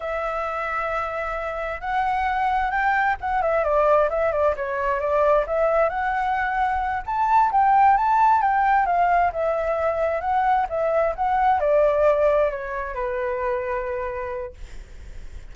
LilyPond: \new Staff \with { instrumentName = "flute" } { \time 4/4 \tempo 4 = 132 e''1 | fis''2 g''4 fis''8 e''8 | d''4 e''8 d''8 cis''4 d''4 | e''4 fis''2~ fis''8 a''8~ |
a''8 g''4 a''4 g''4 f''8~ | f''8 e''2 fis''4 e''8~ | e''8 fis''4 d''2 cis''8~ | cis''8 b'2.~ b'8 | }